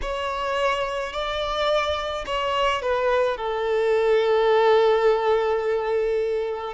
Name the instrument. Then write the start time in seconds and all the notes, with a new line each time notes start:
violin
0.01 C#5
1.12 D5
2.26 C#5
2.82 B4
3.37 A4